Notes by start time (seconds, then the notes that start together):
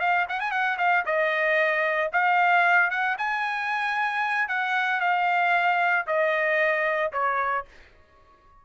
0.00 F5
0.29 F#5
0.40 G#5
0.51 F#5
0.78 F5
1.06 D#5
2.13 F5
2.90 F#5
3.18 G#5
4.49 F#5
5.01 F5
6.07 D#5
7.13 C#5